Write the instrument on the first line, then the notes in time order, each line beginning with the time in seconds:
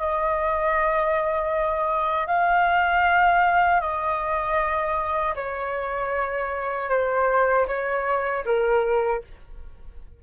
flute
0.00 D#5
2.27 F5
3.81 D#5
5.36 C#5
6.90 C5
7.68 C#5
8.46 A#4